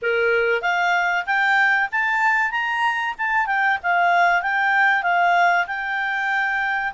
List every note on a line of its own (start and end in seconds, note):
0.01 0.61 A#4
0.61 1.25 F5
1.25 1.89 G5
1.91 2.51 A5
2.51 3.14 A#5
3.18 3.46 A5
3.46 3.78 G5
3.82 4.42 F5
4.42 5.02 G5
5.02 5.66 F5
5.67 6.93 G5